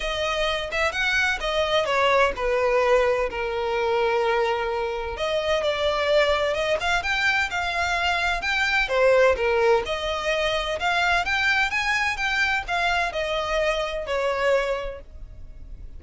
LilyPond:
\new Staff \with { instrumentName = "violin" } { \time 4/4 \tempo 4 = 128 dis''4. e''8 fis''4 dis''4 | cis''4 b'2 ais'4~ | ais'2. dis''4 | d''2 dis''8 f''8 g''4 |
f''2 g''4 c''4 | ais'4 dis''2 f''4 | g''4 gis''4 g''4 f''4 | dis''2 cis''2 | }